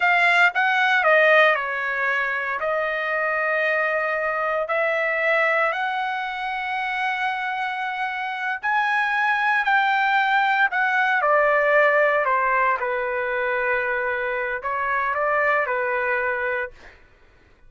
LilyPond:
\new Staff \with { instrumentName = "trumpet" } { \time 4/4 \tempo 4 = 115 f''4 fis''4 dis''4 cis''4~ | cis''4 dis''2.~ | dis''4 e''2 fis''4~ | fis''1~ |
fis''8 gis''2 g''4.~ | g''8 fis''4 d''2 c''8~ | c''8 b'2.~ b'8 | cis''4 d''4 b'2 | }